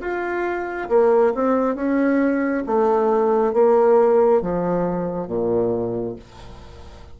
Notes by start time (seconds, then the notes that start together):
0.00 F4
0.89 A#3
1.34 C4
1.75 C#4
2.66 A3
3.53 A#3
4.41 F3
5.27 A#2